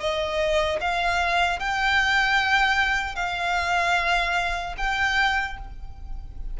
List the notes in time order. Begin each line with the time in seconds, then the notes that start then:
0.00 D#5
0.80 F5
1.59 G5
3.15 F5
4.77 G5